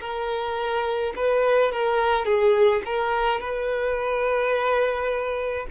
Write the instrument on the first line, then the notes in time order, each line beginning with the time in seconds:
violin
0.00 A#4
1.16 B4
1.71 A#4
2.25 G#4
2.85 A#4
3.40 B4